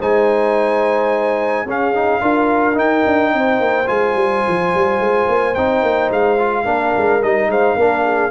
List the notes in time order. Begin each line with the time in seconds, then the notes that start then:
0.00 G#3 D#4 C5 G#5
1.66 C#4 G#4 F5
1.95 D#4
2.21 D4 F4 A#4
2.74 D#4 G5
3.06 D4
3.34 C4 C5
3.61 A#3
3.87 G#3 F4 G#5
4.15 G3
4.49 F3
4.75 G3
5.00 G#3
5.29 A#3
5.55 C4 D#4 G5
5.83 A#3
6.11 G#3 F5
6.38 F4
6.65 A#3 D4 A#4
6.97 G#3
7.23 G3 D#4 D#5
7.48 G#3 C5 F5
7.77 A#3 D4 A#4
8.05 G#4